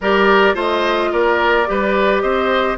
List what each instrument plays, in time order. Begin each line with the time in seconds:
0.00 bassoon G3, clarinet G4, oboe A#4, flute D5
0.54 bassoon A3, clarinet F4, oboe C5, flute D#5
1.12 bassoon A#3, oboe A#4, flute D5
1.66 bassoon G3, clarinet G4, oboe B4
2.20 bassoon C4, oboe C5, flute D#5